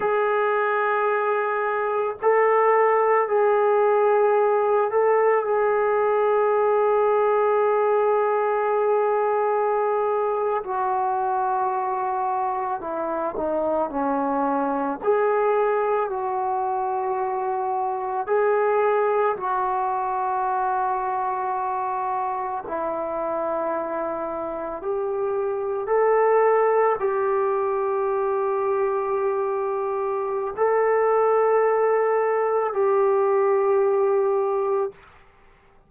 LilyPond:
\new Staff \with { instrumentName = "trombone" } { \time 4/4 \tempo 4 = 55 gis'2 a'4 gis'4~ | gis'8 a'8 gis'2.~ | gis'4.~ gis'16 fis'2 e'16~ | e'16 dis'8 cis'4 gis'4 fis'4~ fis'16~ |
fis'8. gis'4 fis'2~ fis'16~ | fis'8. e'2 g'4 a'16~ | a'8. g'2.~ g'16 | a'2 g'2 | }